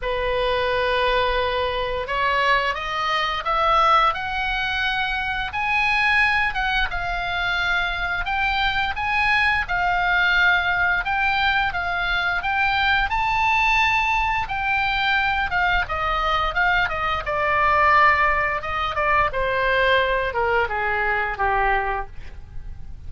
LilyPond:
\new Staff \with { instrumentName = "oboe" } { \time 4/4 \tempo 4 = 87 b'2. cis''4 | dis''4 e''4 fis''2 | gis''4. fis''8 f''2 | g''4 gis''4 f''2 |
g''4 f''4 g''4 a''4~ | a''4 g''4. f''8 dis''4 | f''8 dis''8 d''2 dis''8 d''8 | c''4. ais'8 gis'4 g'4 | }